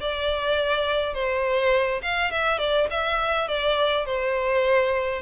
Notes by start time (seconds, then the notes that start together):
0.00 D5
1.14 C5
2.02 F5
2.31 E5
2.58 D5
2.90 E5
3.48 D5
4.05 C5